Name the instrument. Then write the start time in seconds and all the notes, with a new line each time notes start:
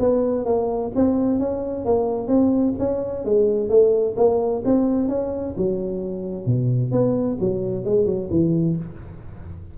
tuba
0.00 B3
0.46 A#3
0.96 C4
1.40 C#4
1.85 A#3
2.28 C4
2.79 C#4
3.25 G#3
3.69 A3
4.17 A#3
4.65 C4
5.09 C#4
5.58 F#3
6.46 B2
6.92 B3
7.40 F#3
7.85 G#3
8.06 F#3
8.31 E3